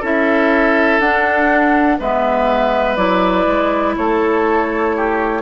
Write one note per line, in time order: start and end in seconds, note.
0.00 1.00 C#4
0.00 1.02 E4
0.00 1.97 A4
0.00 1.00 E5
1.00 1.98 D4
1.00 2.00 D4
1.00 1.98 F#5
1.99 2.97 G#3
1.99 2.97 B3
1.99 3.96 B4
1.99 2.96 E5
2.96 3.46 F#3
2.96 5.42 E4
2.96 3.95 D5
3.47 3.96 G#3
3.97 5.42 A3
3.97 4.97 A4
3.97 5.42 C#5
4.97 5.42 G4